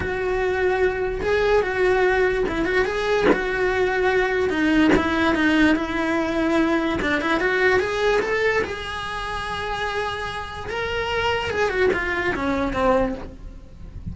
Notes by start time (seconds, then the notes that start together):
0.00 F#4
1.21 G#4
1.62 F#4
2.48 E4
2.65 F#4
2.85 G#4
3.32 F#4
4.49 D#4
4.96 E4
5.34 D#4
5.75 E4
7.01 D4
7.21 E4
7.40 F#4
7.79 G#4
8.21 A4
8.64 G#4
10.69 A#4
11.50 G#4
11.69 F#4
11.93 F4
12.34 C#4
12.73 C4